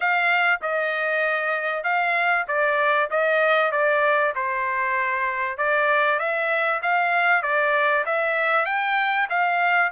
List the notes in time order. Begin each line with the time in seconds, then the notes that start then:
0.00 F5
0.61 D#5
1.83 F5
2.47 D5
3.10 D#5
3.71 D5
4.35 C5
5.57 D5
6.19 E5
6.82 F5
7.42 D5
8.05 E5
8.65 G5
9.29 F5